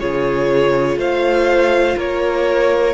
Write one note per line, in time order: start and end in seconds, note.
0.00 0.97 C#3
0.00 2.95 F4
0.00 0.99 G#4
0.00 0.98 C#5
0.97 1.96 A3
0.97 1.97 C5
0.97 1.99 F5
1.97 2.95 A#3
1.97 2.95 A#4
1.97 2.95 C#5